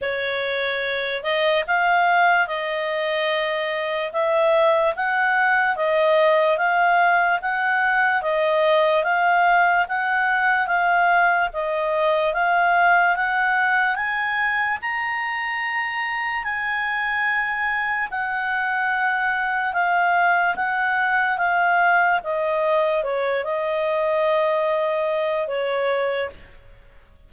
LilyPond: \new Staff \with { instrumentName = "clarinet" } { \time 4/4 \tempo 4 = 73 cis''4. dis''8 f''4 dis''4~ | dis''4 e''4 fis''4 dis''4 | f''4 fis''4 dis''4 f''4 | fis''4 f''4 dis''4 f''4 |
fis''4 gis''4 ais''2 | gis''2 fis''2 | f''4 fis''4 f''4 dis''4 | cis''8 dis''2~ dis''8 cis''4 | }